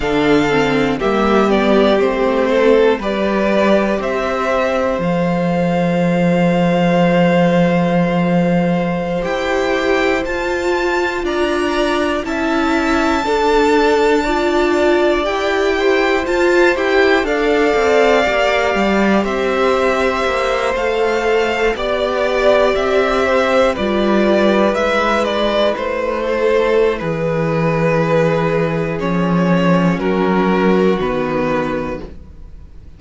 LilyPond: <<
  \new Staff \with { instrumentName = "violin" } { \time 4/4 \tempo 4 = 60 f''4 e''8 d''8 c''4 d''4 | e''4 f''2.~ | f''4~ f''16 g''4 a''4 ais''8.~ | ais''16 a''2. g''8.~ |
g''16 a''8 g''8 f''2 e''8.~ | e''8. f''4 d''4 e''4 d''16~ | d''8. e''8 d''8 c''4~ c''16 b'4~ | b'4 cis''4 ais'4 b'4 | }
  \new Staff \with { instrumentName = "violin" } { \time 4/4 a'4 g'4. a'8 b'4 | c''1~ | c''2.~ c''16 d''8.~ | d''16 e''4 a'4 d''4. c''16~ |
c''4~ c''16 d''2 c''8.~ | c''4.~ c''16 d''4. c''8 b'16~ | b'2~ b'16 a'8. gis'4~ | gis'2 fis'2 | }
  \new Staff \with { instrumentName = "viola" } { \time 4/4 d'8 c'8 ais8 b8 c'4 g'4~ | g'4 a'2.~ | a'4~ a'16 g'4 f'4.~ f'16~ | f'16 e'4 d'4 f'4 g'8.~ |
g'16 f'8 g'8 a'4 g'4.~ g'16~ | g'8. a'4 g'2 f'16~ | f'8. e'2.~ e'16~ | e'4 cis'2 b4 | }
  \new Staff \with { instrumentName = "cello" } { \time 4/4 d4 g4 a4 g4 | c'4 f2.~ | f4~ f16 e'4 f'4 d'8.~ | d'16 cis'4 d'2 e'8.~ |
e'16 f'8 e'8 d'8 c'8 ais8 g8 c'8.~ | c'16 ais8 a4 b4 c'4 g16~ | g8. gis4 a4~ a16 e4~ | e4 f4 fis4 dis4 | }
>>